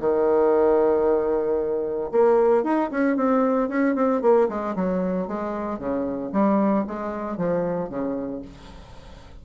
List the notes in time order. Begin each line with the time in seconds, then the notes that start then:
0.00 D#3
2.12 A#3
2.64 D#4
2.91 C#4
3.17 C4
3.69 C#4
3.95 C4
4.22 A#3
4.49 G#3
4.76 F#3
5.28 G#3
5.79 C#3
6.33 G3
6.87 G#3
7.38 F3
7.89 C#3